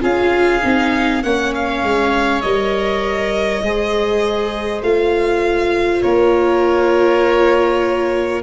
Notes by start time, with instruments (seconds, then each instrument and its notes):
0.00 tuba C#4, viola F4, oboe G#4, violin F5
0.62 tuba C4, viola D#4
1.23 tuba A#3, viola C#4, oboe C#5, violin F#5
1.54 violin F5
1.82 tuba G#3
2.41 tuba G3, viola A#4, violin D#5
3.62 tuba G#3, viola G#4, oboe C5
4.82 tuba A3, viola F4, violin F5
6.02 tuba A#3, oboe A#4, violin C#5